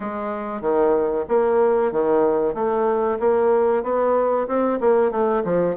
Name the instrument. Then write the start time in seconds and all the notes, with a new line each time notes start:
bassoon
0.00 G#3
0.61 D#3
1.28 A#3
1.91 D#3
2.54 A3
3.19 A#3
3.83 B3
4.47 C4
4.80 A#3
5.11 A3
5.44 F3